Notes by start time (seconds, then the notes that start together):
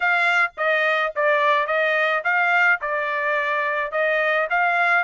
0.00 F5
0.57 D#5
1.15 D5
1.66 D#5
2.24 F5
2.81 D5
3.91 D#5
4.49 F5